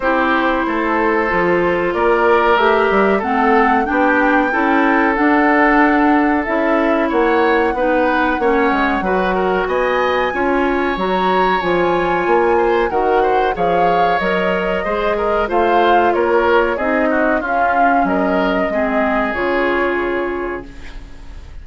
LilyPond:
<<
  \new Staff \with { instrumentName = "flute" } { \time 4/4 \tempo 4 = 93 c''2. d''4 | e''4 fis''4 g''2 | fis''2 e''4 fis''4~ | fis''2. gis''4~ |
gis''4 ais''4 gis''2 | fis''4 f''4 dis''2 | f''4 cis''4 dis''4 f''4 | dis''2 cis''2 | }
  \new Staff \with { instrumentName = "oboe" } { \time 4/4 g'4 a'2 ais'4~ | ais'4 a'4 g'4 a'4~ | a'2. cis''4 | b'4 cis''4 b'8 ais'8 dis''4 |
cis''2.~ cis''8 c''8 | ais'8 c''8 cis''2 c''8 ais'8 | c''4 ais'4 gis'8 fis'8 f'4 | ais'4 gis'2. | }
  \new Staff \with { instrumentName = "clarinet" } { \time 4/4 e'2 f'2 | g'4 c'4 d'4 e'4 | d'2 e'2 | dis'4 cis'4 fis'2 |
f'4 fis'4 f'2 | fis'4 gis'4 ais'4 gis'4 | f'2 dis'4 cis'4~ | cis'4 c'4 f'2 | }
  \new Staff \with { instrumentName = "bassoon" } { \time 4/4 c'4 a4 f4 ais4 | a8 g8 a4 b4 cis'4 | d'2 cis'4 ais4 | b4 ais8 gis8 fis4 b4 |
cis'4 fis4 f4 ais4 | dis4 f4 fis4 gis4 | a4 ais4 c'4 cis'4 | fis4 gis4 cis2 | }
>>